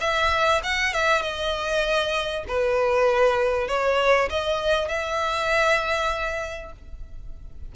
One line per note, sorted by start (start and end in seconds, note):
0.00 0.61 E5
0.63 0.93 F#5
0.93 1.22 E5
1.22 2.44 D#5
2.47 3.68 B4
3.68 4.29 C#5
4.30 4.88 D#5
4.88 6.72 E5